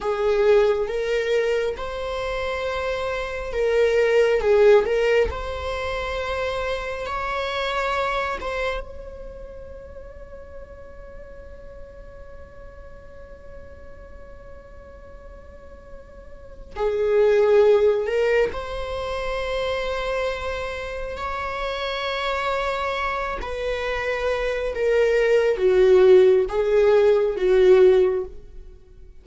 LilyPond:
\new Staff \with { instrumentName = "viola" } { \time 4/4 \tempo 4 = 68 gis'4 ais'4 c''2 | ais'4 gis'8 ais'8 c''2 | cis''4. c''8 cis''2~ | cis''1~ |
cis''2. gis'4~ | gis'8 ais'8 c''2. | cis''2~ cis''8 b'4. | ais'4 fis'4 gis'4 fis'4 | }